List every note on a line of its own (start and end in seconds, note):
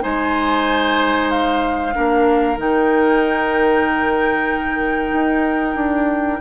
0.00 1.96 G#3
0.00 1.91 D#4
0.00 1.94 C5
0.00 1.30 G#5
1.30 2.58 F5
1.93 2.58 A#3
1.93 2.57 D4
1.93 6.41 A#4
2.57 5.12 D#3
2.57 6.40 D#4
2.57 6.41 G5
5.12 5.75 D#4
5.75 6.39 D4